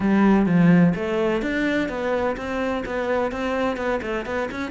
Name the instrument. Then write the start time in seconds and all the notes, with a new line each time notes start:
cello
0.00 G3
0.46 F3
0.95 A3
1.42 D4
1.89 B3
2.36 C4
2.85 B3
3.31 C4
3.76 B3
4.02 A3
4.25 B3
4.51 C#4